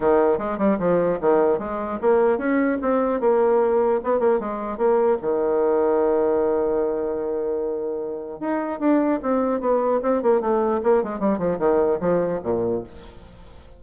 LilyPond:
\new Staff \with { instrumentName = "bassoon" } { \time 4/4 \tempo 4 = 150 dis4 gis8 g8 f4 dis4 | gis4 ais4 cis'4 c'4 | ais2 b8 ais8 gis4 | ais4 dis2.~ |
dis1~ | dis4 dis'4 d'4 c'4 | b4 c'8 ais8 a4 ais8 gis8 | g8 f8 dis4 f4 ais,4 | }